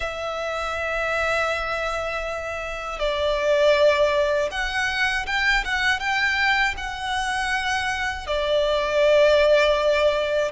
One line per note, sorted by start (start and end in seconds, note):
0.00 2.99 E5
2.99 4.49 D5
4.51 5.26 F#5
5.26 5.64 G5
5.65 5.99 F#5
5.99 6.74 G5
6.77 8.26 F#5
8.26 10.51 D5